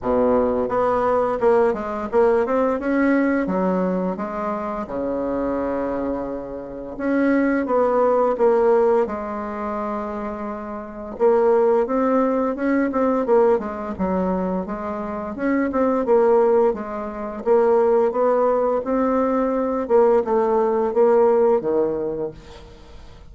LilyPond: \new Staff \with { instrumentName = "bassoon" } { \time 4/4 \tempo 4 = 86 b,4 b4 ais8 gis8 ais8 c'8 | cis'4 fis4 gis4 cis4~ | cis2 cis'4 b4 | ais4 gis2. |
ais4 c'4 cis'8 c'8 ais8 gis8 | fis4 gis4 cis'8 c'8 ais4 | gis4 ais4 b4 c'4~ | c'8 ais8 a4 ais4 dis4 | }